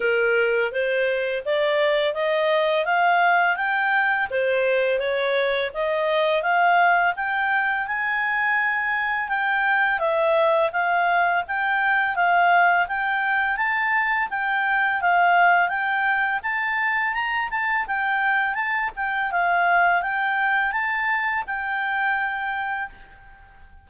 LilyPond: \new Staff \with { instrumentName = "clarinet" } { \time 4/4 \tempo 4 = 84 ais'4 c''4 d''4 dis''4 | f''4 g''4 c''4 cis''4 | dis''4 f''4 g''4 gis''4~ | gis''4 g''4 e''4 f''4 |
g''4 f''4 g''4 a''4 | g''4 f''4 g''4 a''4 | ais''8 a''8 g''4 a''8 g''8 f''4 | g''4 a''4 g''2 | }